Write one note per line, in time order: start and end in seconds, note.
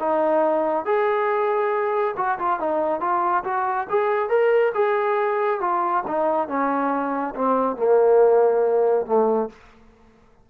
0.00 0.86 D#4
0.86 2.15 G#4
2.17 2.39 F#4
2.39 2.60 F4
2.60 3.01 D#4
3.01 3.44 F4
3.44 3.88 F#4
3.90 4.29 G#4
4.29 4.73 A#4
4.75 5.61 G#4
5.61 6.04 F4
6.07 6.48 D#4
6.48 7.35 C#4
7.35 7.77 C4
7.77 9.06 A#3
9.06 9.50 A3